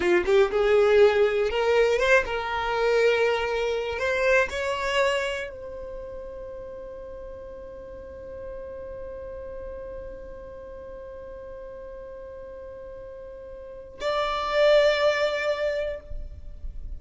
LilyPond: \new Staff \with { instrumentName = "violin" } { \time 4/4 \tempo 4 = 120 f'8 g'8 gis'2 ais'4 | c''8 ais'2.~ ais'8 | c''4 cis''2 c''4~ | c''1~ |
c''1~ | c''1~ | c''1 | d''1 | }